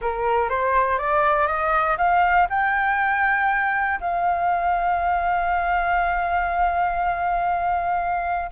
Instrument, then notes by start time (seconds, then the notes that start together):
flute
0.01 A#4
0.49 C5
0.98 D5
1.47 D#5
1.97 F5
2.49 G5
4.00 F5